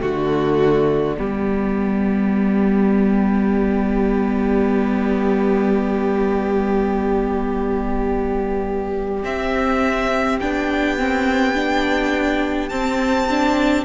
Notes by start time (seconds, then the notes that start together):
0.00 D3 A3 F#4 D5
1.17 G3 B3 G4
9.23 C4 E5
10.40 B3 D4 G5
10.98 C4
11.55 D4
12.69 C4 A5
13.30 D4